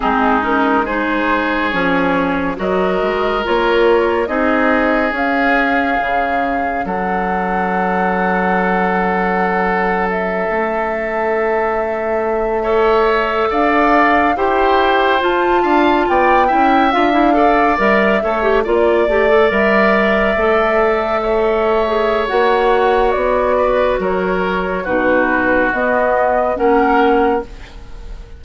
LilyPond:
<<
  \new Staff \with { instrumentName = "flute" } { \time 4/4 \tempo 4 = 70 gis'8 ais'8 c''4 cis''4 dis''4 | cis''4 dis''4 f''2 | fis''2.~ fis''8. e''16~ | e''2.~ e''8. f''16~ |
f''8. g''4 a''4 g''4 f''16~ | f''8. e''4 d''4 e''4~ e''16~ | e''2 fis''4 d''4 | cis''4 b'4 dis''4 fis''4 | }
  \new Staff \with { instrumentName = "oboe" } { \time 4/4 dis'4 gis'2 ais'4~ | ais'4 gis'2. | a'1~ | a'2~ a'8. cis''4 d''16~ |
d''8. c''4. f''8 d''8 e''8.~ | e''16 d''4 cis''8 d''2~ d''16~ | d''8. cis''2~ cis''8. b'8 | ais'4 fis'2 ais'4 | }
  \new Staff \with { instrumentName = "clarinet" } { \time 4/4 c'8 cis'8 dis'4 cis'4 fis'4 | f'4 dis'4 cis'2~ | cis'1~ | cis'2~ cis'8. a'4~ a'16~ |
a'8. g'4 f'4. e'8 f'16 | e'16 a'8 ais'8 a'16 g'16 f'8 g'16 a'16 ais'4 a'16~ | a'4. gis'8 fis'2~ | fis'4 dis'4 b4 cis'4 | }
  \new Staff \with { instrumentName = "bassoon" } { \time 4/4 gis2 f4 fis8 gis8 | ais4 c'4 cis'4 cis4 | fis1~ | fis16 a2.~ a8 d'16~ |
d'8. e'4 f'8 d'8 b8 cis'8 d'16~ | d'8. g8 a8 ais8 a8 g4 a16~ | a2 ais4 b4 | fis4 b,4 b4 ais4 | }
>>